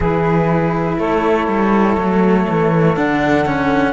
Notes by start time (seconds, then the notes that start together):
0.00 E3 E4 G#4 B4
0.98 A3 A4 C#5
1.47 G3
1.98 F#3 A3
2.48 E3
2.95 D3 D4 F#5
3.45 C#4